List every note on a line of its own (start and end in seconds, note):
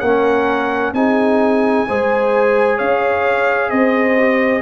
0.00 0.93 A#3
0.00 0.95 C#4
0.00 0.94 A#4
0.00 0.92 F#5
0.93 1.86 C4
0.93 1.87 D#4
0.93 1.88 G#4
0.93 2.79 G#5
1.88 2.80 G#3
1.88 4.18 G#4
1.88 2.77 C5
2.77 3.71 C#4
2.77 3.70 C#5
2.77 3.70 F5
3.70 4.62 C4
3.70 4.62 C5
3.70 4.62 D#5
4.18 4.62 G4